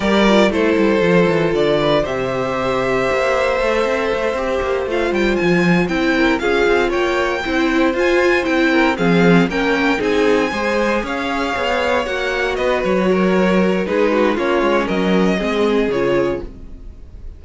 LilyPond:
<<
  \new Staff \with { instrumentName = "violin" } { \time 4/4 \tempo 4 = 117 d''4 c''2 d''4 | e''1~ | e''4. f''8 g''8 gis''4 g''8~ | g''8 f''4 g''2 gis''8~ |
gis''8 g''4 f''4 g''4 gis''8~ | gis''4. f''2 fis''8~ | fis''8 dis''8 cis''2 b'4 | cis''4 dis''2 cis''4 | }
  \new Staff \with { instrumentName = "violin" } { \time 4/4 ais'4 a'2~ a'8 b'8 | c''1~ | c''1 | ais'8 gis'4 cis''4 c''4.~ |
c''4 ais'8 gis'4 ais'4 gis'8~ | gis'8 c''4 cis''2~ cis''8~ | cis''8 b'4 ais'4. gis'8 fis'8 | f'4 ais'4 gis'2 | }
  \new Staff \with { instrumentName = "viola" } { \time 4/4 g'8 f'8 e'4 f'2 | g'2. a'4~ | a'8 g'4 f'2 e'8~ | e'8 f'2 e'4 f'8~ |
f'8 e'4 c'4 cis'4 dis'8~ | dis'8 gis'2. fis'8~ | fis'2. dis'4 | cis'2 c'4 f'4 | }
  \new Staff \with { instrumentName = "cello" } { \time 4/4 g4 a8 g8 f8 e8 d4 | c2 ais4 a8 c'8 | a8 c'8 ais8 a8 g8 f4 c'8~ | c'8 cis'8 c'8 ais4 c'4 f'8~ |
f'8 c'4 f4 ais4 c'8~ | c'8 gis4 cis'4 b4 ais8~ | ais8 b8 fis2 gis4 | ais8 gis8 fis4 gis4 cis4 | }
>>